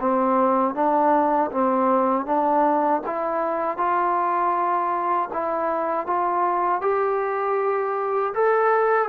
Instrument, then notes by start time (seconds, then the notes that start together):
trombone
0.00 C4
0.75 D4
1.52 C4
2.26 D4
3.06 E4
3.77 F4
5.33 E4
6.07 F4
6.81 G4
8.34 A4